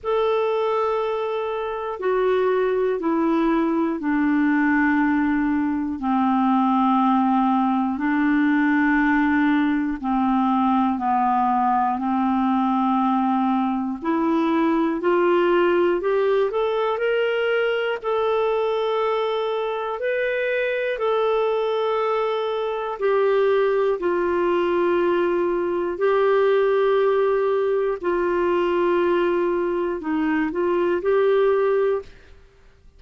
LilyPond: \new Staff \with { instrumentName = "clarinet" } { \time 4/4 \tempo 4 = 60 a'2 fis'4 e'4 | d'2 c'2 | d'2 c'4 b4 | c'2 e'4 f'4 |
g'8 a'8 ais'4 a'2 | b'4 a'2 g'4 | f'2 g'2 | f'2 dis'8 f'8 g'4 | }